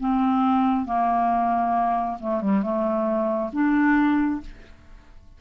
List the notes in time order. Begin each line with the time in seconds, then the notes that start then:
0.00 C4
0.86 A#3
2.20 A3
2.41 G3
2.62 A3
3.53 D4